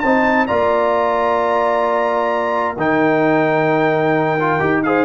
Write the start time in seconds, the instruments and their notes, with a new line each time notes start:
0.00 tuba C4, trombone D#4, horn C5, trumpet A5
0.47 tuba A#3, trombone F4, horn D5, trumpet A#5
2.76 tuba D#3, trombone D#4, horn A#4, trumpet G5
4.40 trombone F4
4.60 tuba D#4, trombone G4
4.83 trombone G#4, horn C5, trumpet F5